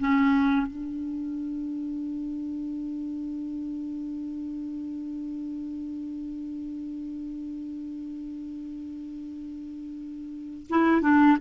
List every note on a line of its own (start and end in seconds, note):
0.00 0.67 C#4
0.67 10.67 D4
10.70 11.02 E4
11.02 11.38 D4